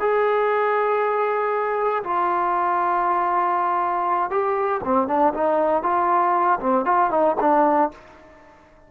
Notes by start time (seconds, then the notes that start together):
0.00 G#4
2.04 F4
4.30 G4
4.84 C4
5.08 D4
5.34 D#4
5.83 F4
6.60 C4
6.85 F4
7.11 D#4
7.41 D4